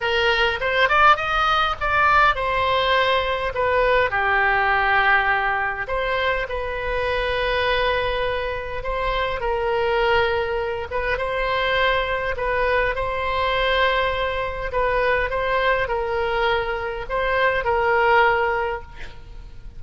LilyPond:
\new Staff \with { instrumentName = "oboe" } { \time 4/4 \tempo 4 = 102 ais'4 c''8 d''8 dis''4 d''4 | c''2 b'4 g'4~ | g'2 c''4 b'4~ | b'2. c''4 |
ais'2~ ais'8 b'8 c''4~ | c''4 b'4 c''2~ | c''4 b'4 c''4 ais'4~ | ais'4 c''4 ais'2 | }